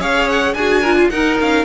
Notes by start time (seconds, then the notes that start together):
0.00 C#4 G#4 C#5 F5
0.29 F#5
0.54 D4 F#4 G#4 G#5
0.82 F4 A#4
0.98 F4
1.10 D#4 A#4 F#5
1.41 C#4 F5